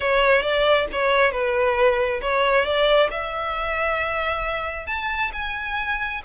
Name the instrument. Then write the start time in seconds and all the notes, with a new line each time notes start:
violin
0.00 C#5
0.42 D5
0.92 C#5
1.31 B4
2.21 C#5
2.65 D5
3.11 E5
4.86 A5
5.33 G#5